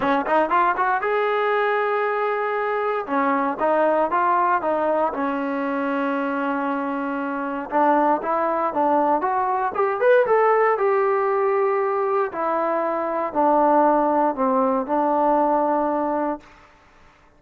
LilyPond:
\new Staff \with { instrumentName = "trombone" } { \time 4/4 \tempo 4 = 117 cis'8 dis'8 f'8 fis'8 gis'2~ | gis'2 cis'4 dis'4 | f'4 dis'4 cis'2~ | cis'2. d'4 |
e'4 d'4 fis'4 g'8 b'8 | a'4 g'2. | e'2 d'2 | c'4 d'2. | }